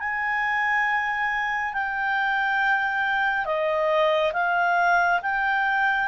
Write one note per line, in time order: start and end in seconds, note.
0.00 1.74 G#5
1.74 3.46 G5
3.46 4.33 D#5
4.34 5.21 F5
5.23 6.08 G5